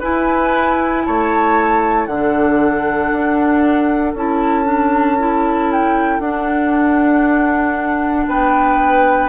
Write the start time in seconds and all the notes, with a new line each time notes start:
0.00 E4 B4 G#5
1.06 A3 C#5 A5
2.06 D3 D4 A4 F#5
3.12 D4
4.14 C#4 E4 A5
4.65 D4
5.19 E4
5.72 G5
6.20 D4 F#5
8.28 B3 B4 G5